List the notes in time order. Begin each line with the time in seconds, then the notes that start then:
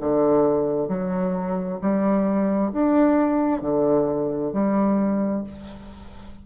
0.00 D3
0.88 F#3
1.81 G3
2.72 D4
3.61 D3
4.52 G3